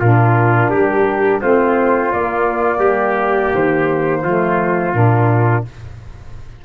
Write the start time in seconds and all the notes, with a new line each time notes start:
0.00 A#2 D4 F4 A#4
0.70 G3 G4
1.41 A3 C4 F4 C5
2.12 A#3 D5
2.79 G3 G4
3.54 D#3 C5
4.23 F3 A3 F4
4.94 A#2 D4 A#4